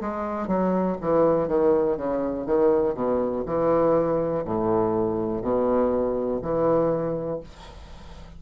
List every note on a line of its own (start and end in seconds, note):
0.00 0.47 G#3
0.47 0.97 F#3
1.01 1.48 E3
1.48 1.97 D#3
1.97 2.46 C#3
2.46 2.94 D#3
2.94 3.43 B2
3.45 4.44 E3
4.44 5.41 A2
5.41 6.40 B2
6.42 7.40 E3